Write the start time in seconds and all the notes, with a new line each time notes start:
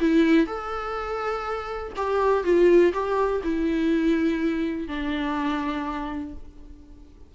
0.00 E4
0.47 A4
1.96 G4
2.44 F4
2.93 G4
3.43 E4
4.88 D4